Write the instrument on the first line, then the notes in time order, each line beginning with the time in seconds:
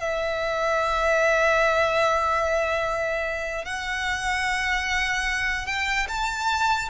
violin
0.00 E5
3.65 F#5
5.66 G5
6.08 A5